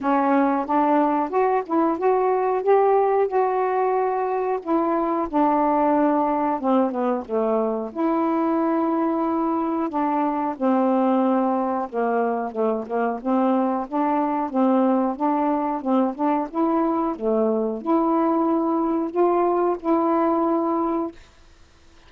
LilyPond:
\new Staff \with { instrumentName = "saxophone" } { \time 4/4 \tempo 4 = 91 cis'4 d'4 fis'8 e'8 fis'4 | g'4 fis'2 e'4 | d'2 c'8 b8 a4 | e'2. d'4 |
c'2 ais4 a8 ais8 | c'4 d'4 c'4 d'4 | c'8 d'8 e'4 a4 e'4~ | e'4 f'4 e'2 | }